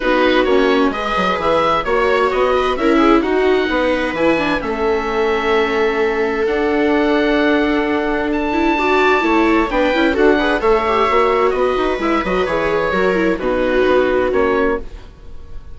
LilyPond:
<<
  \new Staff \with { instrumentName = "oboe" } { \time 4/4 \tempo 4 = 130 b'4 cis''4 dis''4 e''4 | cis''4 dis''4 e''4 fis''4~ | fis''4 gis''4 e''2~ | e''2 fis''2~ |
fis''2 a''2~ | a''4 g''4 fis''4 e''4~ | e''4 dis''4 e''8 dis''8 cis''4~ | cis''4 b'2 cis''4 | }
  \new Staff \with { instrumentName = "viola" } { \time 4/4 fis'2 b'2 | cis''4. b'8 ais'8 gis'8 fis'4 | b'2 a'2~ | a'1~ |
a'2. d''4 | cis''4 b'4 a'8 b'8 cis''4~ | cis''4 b'2. | ais'4 fis'2. | }
  \new Staff \with { instrumentName = "viola" } { \time 4/4 dis'4 cis'4 gis'2 | fis'2 e'4 dis'4~ | dis'4 e'8 d'8 cis'2~ | cis'2 d'2~ |
d'2~ d'8 e'8 fis'4 | e'4 d'8 e'8 fis'8 gis'8 a'8 g'8 | fis'2 e'8 fis'8 gis'4 | fis'8 e'8 dis'2 cis'4 | }
  \new Staff \with { instrumentName = "bassoon" } { \time 4/4 b4 ais4 gis8 fis8 e4 | ais4 b4 cis'4 dis'4 | b4 e4 a2~ | a2 d'2~ |
d'1 | a4 b8 cis'8 d'4 a4 | ais4 b8 dis'8 gis8 fis8 e4 | fis4 b,4 b4 ais4 | }
>>